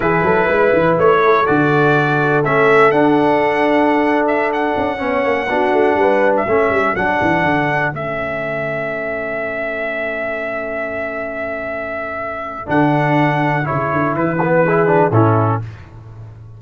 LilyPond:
<<
  \new Staff \with { instrumentName = "trumpet" } { \time 4/4 \tempo 4 = 123 b'2 cis''4 d''4~ | d''4 e''4 fis''2~ | fis''8. e''8 fis''2~ fis''8.~ | fis''4 e''4~ e''16 fis''4.~ fis''16~ |
fis''16 e''2.~ e''8.~ | e''1~ | e''2 fis''2 | cis''4 b'2 a'4 | }
  \new Staff \with { instrumentName = "horn" } { \time 4/4 gis'8 a'8 b'4. a'4.~ | a'1~ | a'2~ a'16 cis''4 fis'8.~ | fis'16 b'4 a'2~ a'8.~ |
a'1~ | a'1~ | a'1~ | a'2 gis'4 e'4 | }
  \new Staff \with { instrumentName = "trombone" } { \time 4/4 e'2. fis'4~ | fis'4 cis'4 d'2~ | d'2~ d'16 cis'4 d'8.~ | d'4~ d'16 cis'4 d'4.~ d'16~ |
d'16 cis'2.~ cis'8.~ | cis'1~ | cis'2 d'2 | e'4. b8 e'8 d'8 cis'4 | }
  \new Staff \with { instrumentName = "tuba" } { \time 4/4 e8 fis8 gis8 e8 a4 d4~ | d4 a4 d'2~ | d'4.~ d'16 cis'8 b8 ais8 b8 a16~ | a16 g4 a8 g8 fis8 e8 d8.~ |
d16 a2.~ a8.~ | a1~ | a2 d2 | cis8 d8 e2 a,4 | }
>>